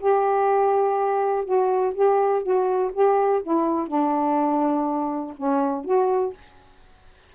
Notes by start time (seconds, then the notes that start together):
0.00 G4
1.45 F#4
1.94 G4
2.43 F#4
2.93 G4
3.43 E4
3.88 D4
5.37 C#4
5.84 F#4